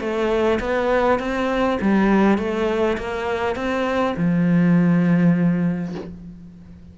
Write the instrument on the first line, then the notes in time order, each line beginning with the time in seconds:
cello
0.00 A3
0.60 B3
1.19 C4
1.81 G3
2.38 A3
2.98 A#3
3.56 C4
4.17 F3